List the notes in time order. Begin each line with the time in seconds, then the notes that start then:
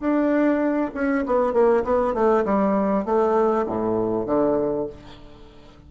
0.00 D4
0.94 C#4
1.26 B3
1.53 A#3
1.84 B3
2.14 A3
2.45 G3
3.05 A3
3.66 A2
4.26 D3